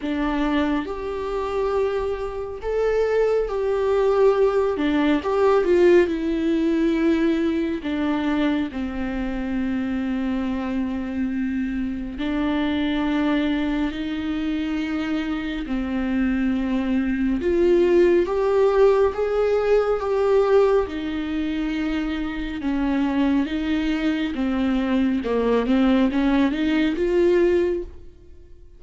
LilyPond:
\new Staff \with { instrumentName = "viola" } { \time 4/4 \tempo 4 = 69 d'4 g'2 a'4 | g'4. d'8 g'8 f'8 e'4~ | e'4 d'4 c'2~ | c'2 d'2 |
dis'2 c'2 | f'4 g'4 gis'4 g'4 | dis'2 cis'4 dis'4 | c'4 ais8 c'8 cis'8 dis'8 f'4 | }